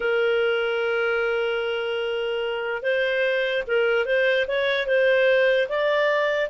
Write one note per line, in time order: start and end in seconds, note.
0.00 2.82 A#4
2.82 3.63 C5
3.67 4.05 A#4
4.05 4.46 C5
4.47 4.86 C#5
4.86 5.68 C5
5.68 6.49 D5